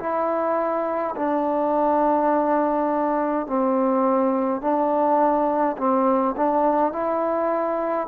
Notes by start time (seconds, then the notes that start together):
0.00 E4
1.16 D4
3.47 C4
4.62 D4
5.78 C4
6.37 D4
6.93 E4